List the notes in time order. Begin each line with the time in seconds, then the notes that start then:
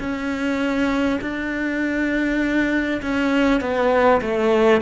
0.00 C#4
1.21 D4
3.02 C#4
3.61 B3
4.21 A3